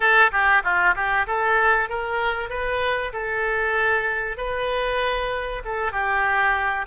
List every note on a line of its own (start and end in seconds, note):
0.00 0.31 A4
0.31 0.62 G4
0.63 0.94 F4
0.95 1.26 G4
1.27 1.89 A4
1.89 2.49 A#4
2.49 3.12 B4
3.12 4.37 A4
4.37 5.62 B4
5.64 5.92 A4
5.92 6.86 G4